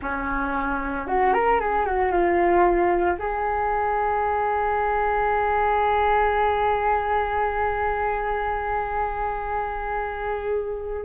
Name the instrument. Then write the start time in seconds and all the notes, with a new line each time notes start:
flute
0.01 C#4
1.07 F#4
1.33 A#4
1.60 G#4
1.85 F#4
2.11 F4
3.18 G#4